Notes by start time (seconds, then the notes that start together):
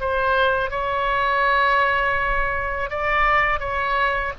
0.00 C5
0.70 C#5
2.90 D5
3.60 C#5